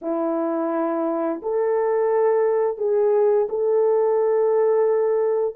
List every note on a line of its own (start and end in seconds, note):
0.01 1.41 E4
1.42 2.77 A4
2.77 3.47 G#4
3.49 5.55 A4